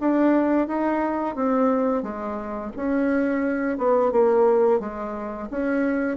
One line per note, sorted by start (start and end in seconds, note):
0.00 0.67 D4
0.67 1.35 D#4
1.35 2.02 C4
2.02 2.71 G#3
2.76 3.77 C#4
3.77 4.11 B3
4.11 4.79 A#3
4.79 5.48 G#3
5.50 6.17 C#4